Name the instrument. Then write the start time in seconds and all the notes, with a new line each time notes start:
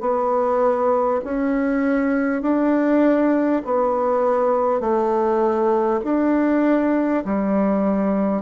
bassoon
0.00 B3
1.24 C#4
2.42 D4
3.64 B3
4.80 A3
6.04 D4
7.24 G3